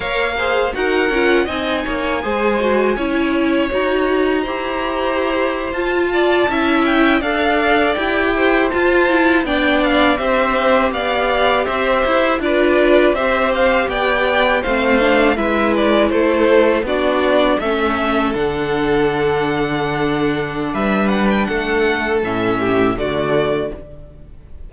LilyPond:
<<
  \new Staff \with { instrumentName = "violin" } { \time 4/4 \tempo 4 = 81 f''4 fis''4 gis''2~ | gis''4 ais''2~ ais''8. a''16~ | a''4~ a''16 g''8 f''4 g''4 a''16~ | a''8. g''8 f''8 e''4 f''4 e''16~ |
e''8. d''4 e''8 f''8 g''4 f''16~ | f''8. e''8 d''8 c''4 d''4 e''16~ | e''8. fis''2.~ fis''16 | e''8 fis''16 g''16 fis''4 e''4 d''4 | }
  \new Staff \with { instrumentName = "violin" } { \time 4/4 cis''8 c''8 ais'4 dis''8 cis''8 c''4 | cis''2 c''2~ | c''16 d''8 e''4 d''4. c''8.~ | c''8. d''4 c''4 d''4 c''16~ |
c''8. b'4 c''4 d''4 c''16~ | c''8. b'4 a'4 fis'4 a'16~ | a'1 | b'4 a'4. g'8 fis'4 | }
  \new Staff \with { instrumentName = "viola" } { \time 4/4 ais'8 gis'8 fis'8 f'8 dis'4 gis'8 fis'8 | e'4 fis'4 g'4.~ g'16 f'16~ | f'8. e'4 a'4 g'4 f'16~ | f'16 e'8 d'4 g'2~ g'16~ |
g'8. f'4 g'2 c'16~ | c'16 d'8 e'2 d'4 cis'16~ | cis'8. d'2.~ d'16~ | d'2 cis'4 a4 | }
  \new Staff \with { instrumentName = "cello" } { \time 4/4 ais4 dis'8 cis'8 c'8 ais8 gis4 | cis'4 dis'4 e'4.~ e'16 f'16~ | f'8. cis'4 d'4 e'4 f'16~ | f'8. b4 c'4 b4 c'16~ |
c'16 e'8 d'4 c'4 b4 a16~ | a8. gis4 a4 b4 a16~ | a8. d2.~ d16 | g4 a4 a,4 d4 | }
>>